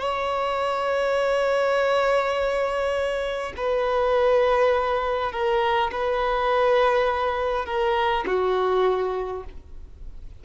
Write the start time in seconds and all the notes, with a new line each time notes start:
0.00 C#5
3.57 B4
5.32 A#4
5.92 B4
7.66 A#4
8.27 F#4